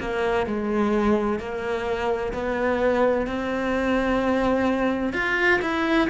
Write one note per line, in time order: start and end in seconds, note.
0.00 0.46 A#3
0.46 1.39 G#3
1.39 2.33 A#3
2.34 3.27 B3
3.27 5.13 C4
5.13 5.60 F4
5.62 6.09 E4